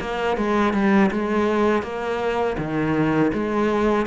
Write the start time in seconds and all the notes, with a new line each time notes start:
0.00 A#3
0.37 G#3
0.73 G3
1.11 G#3
1.82 A#3
2.58 D#3
3.33 G#3